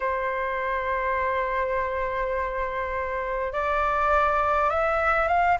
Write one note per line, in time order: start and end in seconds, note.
0.00 3.52 C5
3.52 4.70 D5
4.70 5.28 E5
5.28 5.57 F5